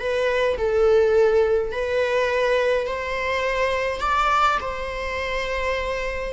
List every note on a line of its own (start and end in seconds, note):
0.00 0.58 B4
0.58 1.73 A4
1.73 2.87 B4
2.87 4.01 C5
4.01 4.58 D5
4.61 6.34 C5